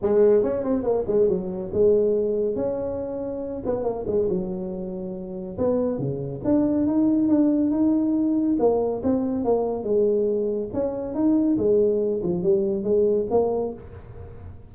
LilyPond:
\new Staff \with { instrumentName = "tuba" } { \time 4/4 \tempo 4 = 140 gis4 cis'8 c'8 ais8 gis8 fis4 | gis2 cis'2~ | cis'8 b8 ais8 gis8 fis2~ | fis4 b4 cis4 d'4 |
dis'4 d'4 dis'2 | ais4 c'4 ais4 gis4~ | gis4 cis'4 dis'4 gis4~ | gis8 f8 g4 gis4 ais4 | }